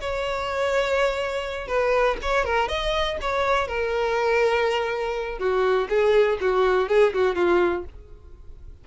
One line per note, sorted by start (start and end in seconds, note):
0.00 1.67 C#5
1.67 2.17 B4
2.22 2.45 C#5
2.45 2.68 A#4
2.68 3.17 D#5
3.21 3.67 C#5
3.67 5.39 A#4
5.39 5.88 F#4
5.89 6.38 G#4
6.41 6.88 F#4
6.88 7.13 G#4
7.14 7.35 F#4
7.35 7.84 F4